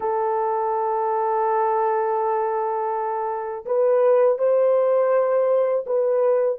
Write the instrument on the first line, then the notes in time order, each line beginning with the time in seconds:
horn
0.00 A4
3.65 B4
4.38 C5
5.86 B4